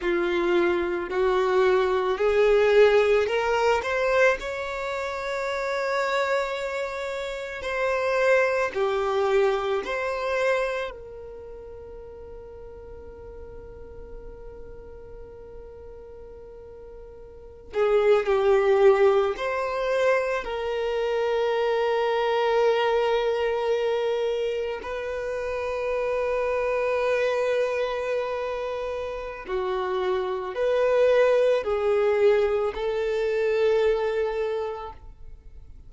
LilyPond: \new Staff \with { instrumentName = "violin" } { \time 4/4 \tempo 4 = 55 f'4 fis'4 gis'4 ais'8 c''8 | cis''2. c''4 | g'4 c''4 ais'2~ | ais'1~ |
ais'16 gis'8 g'4 c''4 ais'4~ ais'16~ | ais'2~ ais'8. b'4~ b'16~ | b'2. fis'4 | b'4 gis'4 a'2 | }